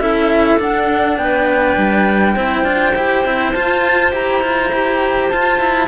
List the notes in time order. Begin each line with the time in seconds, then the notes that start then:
0.00 C#4 E4 A4 E5
0.59 D4 F#5
1.18 B3 B4 G5
1.77 G3
2.35 C4 E4 C5
2.64 D4 F4
2.96 E4 G4
3.25 C4 E4
3.53 F4 A5
4.12 E4 G4 A#5
4.42 F4
4.73 G4
5.30 F4 A5
5.60 E4